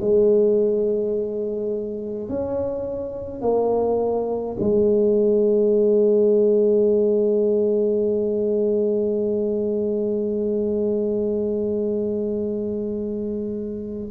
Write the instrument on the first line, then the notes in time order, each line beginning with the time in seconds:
tuba
0.00 G#3
2.29 C#4
3.41 A#3
4.59 G#3